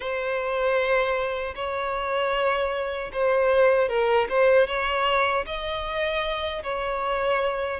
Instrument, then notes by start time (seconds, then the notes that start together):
violin
0.00 C5
1.55 C#5
3.12 C5
3.88 A#4
4.29 C5
4.67 C#5
5.45 D#5
6.63 C#5